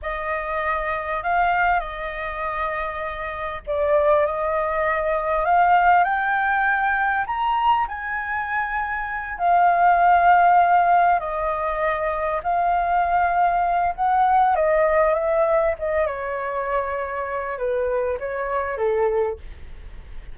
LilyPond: \new Staff \with { instrumentName = "flute" } { \time 4/4 \tempo 4 = 99 dis''2 f''4 dis''4~ | dis''2 d''4 dis''4~ | dis''4 f''4 g''2 | ais''4 gis''2~ gis''8 f''8~ |
f''2~ f''8 dis''4.~ | dis''8 f''2~ f''8 fis''4 | dis''4 e''4 dis''8 cis''4.~ | cis''4 b'4 cis''4 a'4 | }